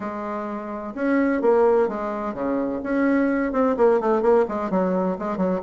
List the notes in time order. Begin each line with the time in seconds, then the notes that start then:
0.00 G#3
0.94 C#4
1.41 A#3
1.88 G#3
2.34 C#3
2.83 C#4
3.52 C4
3.76 A#3
4.00 A3
4.21 A#3
4.48 G#3
4.70 F#3
5.18 G#3
5.37 F#3